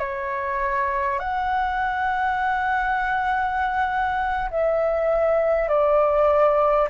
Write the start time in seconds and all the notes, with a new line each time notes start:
0.00 C#5
1.20 F#5
4.51 E5
5.69 D5